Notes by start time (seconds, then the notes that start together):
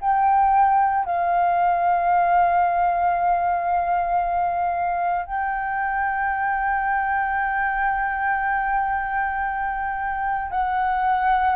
0.00 G5
1.05 F5
5.25 G5
10.51 F#5